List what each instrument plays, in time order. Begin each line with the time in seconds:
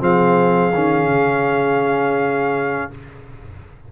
0.00 tuba F3, trombone C4, horn G#4, trumpet F5
0.74 tuba D#3, trombone C#4
1.06 tuba C#3